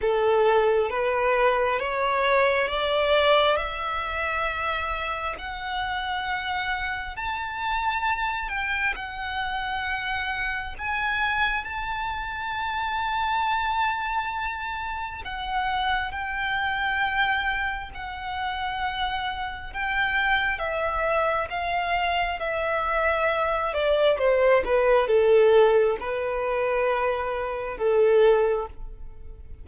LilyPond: \new Staff \with { instrumentName = "violin" } { \time 4/4 \tempo 4 = 67 a'4 b'4 cis''4 d''4 | e''2 fis''2 | a''4. g''8 fis''2 | gis''4 a''2.~ |
a''4 fis''4 g''2 | fis''2 g''4 e''4 | f''4 e''4. d''8 c''8 b'8 | a'4 b'2 a'4 | }